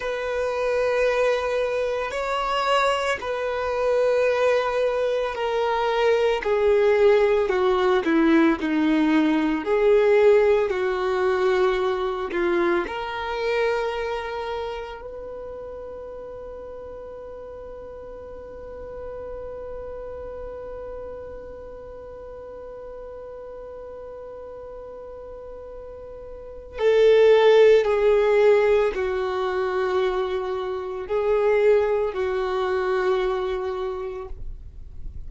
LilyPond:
\new Staff \with { instrumentName = "violin" } { \time 4/4 \tempo 4 = 56 b'2 cis''4 b'4~ | b'4 ais'4 gis'4 fis'8 e'8 | dis'4 gis'4 fis'4. f'8 | ais'2 b'2~ |
b'1~ | b'1~ | b'4 a'4 gis'4 fis'4~ | fis'4 gis'4 fis'2 | }